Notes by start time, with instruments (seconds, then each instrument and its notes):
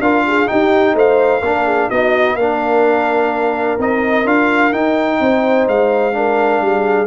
0.00 tuba D4, trombone F4, horn A#4, trumpet F5
0.27 horn G#4
0.47 trombone D#4, tuba D#4, horn G4, trumpet G5
0.94 tuba A3, horn C5, trumpet F5
1.42 tuba A#3, trombone D4, horn A#4
1.65 horn G#4
1.89 tuba B3, trombone D#4, horn F#4, trumpet D#5
2.35 tuba A#3, trombone D4, horn A#4, trumpet F5
3.79 tuba C4, trombone D#4, trumpet D#5
4.25 tuba D4, trombone F4, trumpet F5
4.72 tuba D#4, trombone D#4, trumpet G5
5.21 tuba C4, horn C5
5.68 tuba G#3, trumpet F5
6.12 trombone D4, horn A#4
6.62 tuba G3, horn G#4